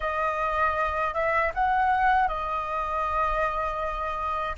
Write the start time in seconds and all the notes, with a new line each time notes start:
0.00 D#5
1.14 E5
1.54 F#5
2.28 D#5